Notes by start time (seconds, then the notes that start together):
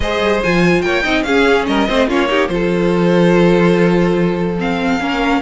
0.00 G#3 G#4 C5 D#5
0.19 G3
0.43 F3 F4 G#5
0.81 A#3 C#5 G5
1.03 C4 D#4 D#5
1.22 C#4 G#4 F5
1.66 G3 A#4 D#5
1.87 A3 C4 C5
2.07 A#3 C#4 F4 C#5
2.27 D#4 G4
2.47 F3 F4 A4 C5
4.58 C4 F5
4.99 A#3 C#4 A#4